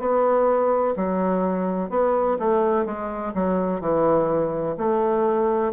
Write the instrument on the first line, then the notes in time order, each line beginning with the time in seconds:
bassoon
0.00 B3
0.97 F#3
1.90 B3
2.39 A3
2.86 G#3
3.35 F#3
3.81 E3
4.78 A3